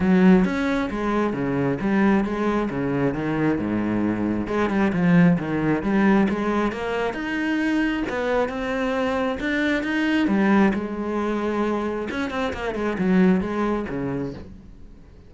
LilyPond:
\new Staff \with { instrumentName = "cello" } { \time 4/4 \tempo 4 = 134 fis4 cis'4 gis4 cis4 | g4 gis4 cis4 dis4 | gis,2 gis8 g8 f4 | dis4 g4 gis4 ais4 |
dis'2 b4 c'4~ | c'4 d'4 dis'4 g4 | gis2. cis'8 c'8 | ais8 gis8 fis4 gis4 cis4 | }